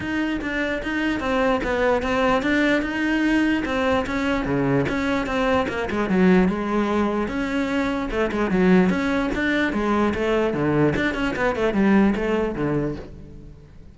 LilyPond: \new Staff \with { instrumentName = "cello" } { \time 4/4 \tempo 4 = 148 dis'4 d'4 dis'4 c'4 | b4 c'4 d'4 dis'4~ | dis'4 c'4 cis'4 cis4 | cis'4 c'4 ais8 gis8 fis4 |
gis2 cis'2 | a8 gis8 fis4 cis'4 d'4 | gis4 a4 d4 d'8 cis'8 | b8 a8 g4 a4 d4 | }